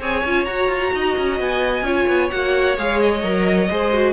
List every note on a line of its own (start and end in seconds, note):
0.00 0.23 C4
0.00 0.24 G#4
0.00 0.93 C#5
0.00 0.45 G#5
0.24 0.46 C#4
0.24 0.46 F4
0.45 0.68 F#4
0.45 1.84 F#4
0.45 1.37 A#5
0.68 0.91 F4
0.93 1.16 D#4
0.93 1.85 D#5
1.17 1.40 C#4
1.40 1.82 B3
1.40 2.30 G#5
1.82 2.05 C#4
1.82 2.30 F4
1.82 3.70 C#5
2.08 2.31 B3
2.30 2.77 A#3
2.30 2.77 F#4
2.30 2.76 F#5
2.77 3.23 G#3
2.77 3.23 G#4
2.77 3.00 F5
3.00 4.13 D#5
3.23 3.69 F#3
3.23 3.70 A#4
3.70 4.13 G#3
3.70 3.92 G#4
3.70 4.13 C5
3.92 4.13 F#4